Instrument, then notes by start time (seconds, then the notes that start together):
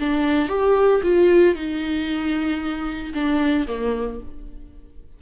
viola
0.00 D4
0.49 G4
1.03 F4
1.55 D#4
3.14 D4
3.67 A#3